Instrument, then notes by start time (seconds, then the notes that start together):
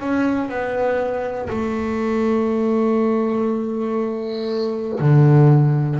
double bass
0.00 C#4
0.49 B3
1.50 A3
5.00 D3